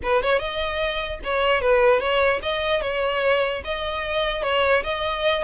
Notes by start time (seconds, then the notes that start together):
0.03 B4
0.22 C#5
0.39 D#5
1.24 C#5
1.61 B4
1.99 C#5
2.42 D#5
2.81 C#5
3.64 D#5
4.43 C#5
4.83 D#5